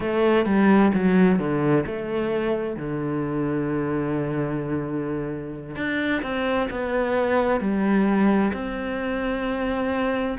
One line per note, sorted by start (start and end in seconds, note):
0.00 0.45 A3
0.45 0.91 G3
0.94 1.38 F#3
1.38 1.85 D3
1.86 2.76 A3
2.76 5.76 D3
5.76 6.22 D4
6.22 6.68 C4
6.70 7.60 B3
7.60 8.52 G3
8.53 10.38 C4